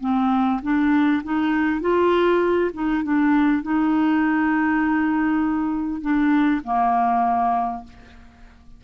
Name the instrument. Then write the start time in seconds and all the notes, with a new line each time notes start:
clarinet
0.00 C4
0.62 D4
1.24 D#4
1.81 F4
2.74 D#4
3.03 D4
3.62 D#4
6.01 D4
6.64 A#3